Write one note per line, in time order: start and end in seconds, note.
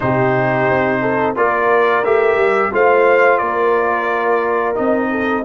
0.00 0.70 C3
0.00 1.35 D#4
0.00 1.01 G4
0.00 1.35 C5
0.70 1.36 C4
1.01 1.35 A4
1.35 2.03 A#3
1.35 2.03 F4
1.35 2.73 A#4
1.35 2.04 D5
2.03 2.36 A3
2.03 2.71 G4
2.03 2.72 E5
2.36 2.70 G3
2.71 3.40 A3
2.71 4.75 F4
2.71 3.39 C5
2.71 3.38 F5
3.38 4.76 A#3
3.38 5.10 A#4
3.38 4.74 D5
4.75 5.45 C4
4.75 5.43 D#4
4.75 5.43 D#5
5.10 5.44 A4